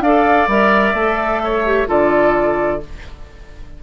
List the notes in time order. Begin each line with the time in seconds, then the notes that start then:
0.00 D4 A4 D5 F5
0.48 G3 A#4 E5
0.94 A3 A4
1.44 C#5
1.66 G4
1.87 D3 F4 A4 D5